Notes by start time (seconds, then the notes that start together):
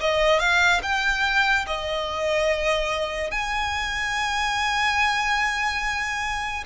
0.00 D#5
0.39 F5
0.83 G5
1.67 D#5
3.31 G#5